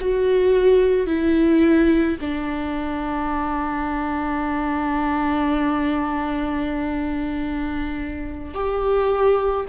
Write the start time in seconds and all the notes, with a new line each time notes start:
0.00 F#4
1.06 E4
2.21 D4
8.54 G4